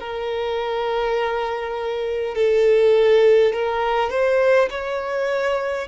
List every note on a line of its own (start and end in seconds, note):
0.00 2.35 A#4
2.35 3.52 A4
3.53 4.10 A#4
4.10 4.68 C5
4.70 5.88 C#5